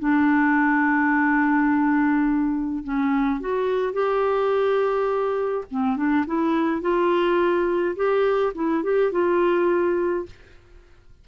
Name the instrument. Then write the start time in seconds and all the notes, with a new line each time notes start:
clarinet
0.00 D4
2.84 C#4
3.41 F#4
3.94 G4
5.71 C4
5.97 D4
6.27 E4
6.82 F4
7.96 G4
8.55 E4
8.84 G4
9.12 F4